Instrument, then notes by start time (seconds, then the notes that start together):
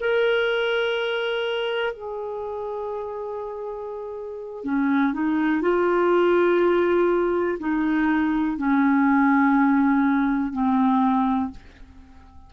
clarinet
0.00 A#4
1.94 G#4
4.64 C#4
5.13 D#4
5.62 F4
7.60 D#4
8.58 C#4
10.53 C4